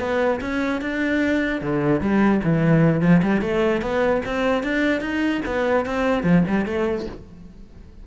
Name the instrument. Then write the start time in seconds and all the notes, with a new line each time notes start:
cello
0.00 B3
0.41 C#4
0.81 D4
1.61 D3
2.01 G3
2.44 E3
3.02 F3
3.23 G3
3.42 A3
3.82 B3
4.25 C4
4.64 D4
5.01 D#4
5.46 B3
5.86 C4
6.24 F3
6.48 G3
6.66 A3